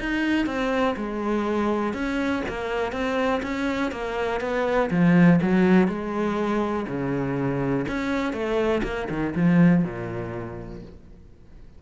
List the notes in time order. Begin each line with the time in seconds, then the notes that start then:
0.00 D#4
0.46 C4
0.97 G#3
1.93 C#4
2.48 A#3
2.92 C4
3.43 C#4
3.91 A#3
4.41 B3
4.91 F3
5.42 F#3
5.88 G#3
6.88 C#3
7.88 C#4
8.33 A3
8.83 A#3
9.10 D#3
9.36 F3
9.84 A#2